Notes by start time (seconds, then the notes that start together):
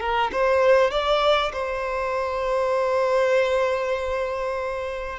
0.00 A#4
0.32 C5
0.91 D5
1.53 C5